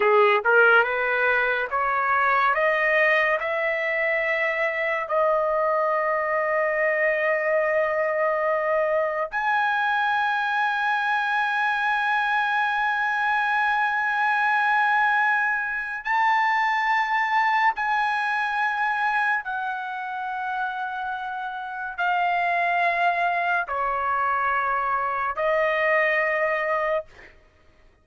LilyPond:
\new Staff \with { instrumentName = "trumpet" } { \time 4/4 \tempo 4 = 71 gis'8 ais'8 b'4 cis''4 dis''4 | e''2 dis''2~ | dis''2. gis''4~ | gis''1~ |
gis''2. a''4~ | a''4 gis''2 fis''4~ | fis''2 f''2 | cis''2 dis''2 | }